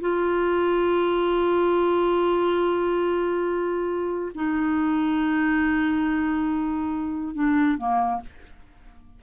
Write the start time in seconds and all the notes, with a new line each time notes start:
0.00 F4
4.34 D#4
7.34 D4
7.77 A#3